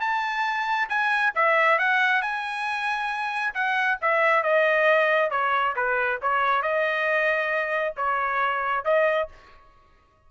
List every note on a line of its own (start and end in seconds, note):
0.00 0.88 A5
0.89 1.33 G#5
1.35 1.78 E5
1.78 2.21 F#5
2.21 3.54 G#5
3.54 3.98 F#5
4.01 4.43 E5
4.43 5.30 D#5
5.30 5.75 C#5
5.76 6.20 B4
6.22 6.62 C#5
6.62 7.94 D#5
7.96 8.84 C#5
8.84 9.28 D#5